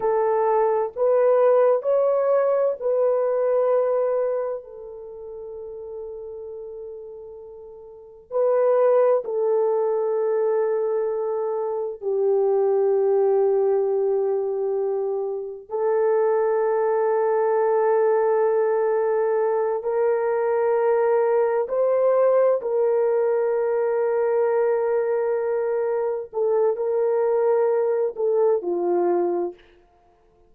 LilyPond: \new Staff \with { instrumentName = "horn" } { \time 4/4 \tempo 4 = 65 a'4 b'4 cis''4 b'4~ | b'4 a'2.~ | a'4 b'4 a'2~ | a'4 g'2.~ |
g'4 a'2.~ | a'4. ais'2 c''8~ | c''8 ais'2.~ ais'8~ | ais'8 a'8 ais'4. a'8 f'4 | }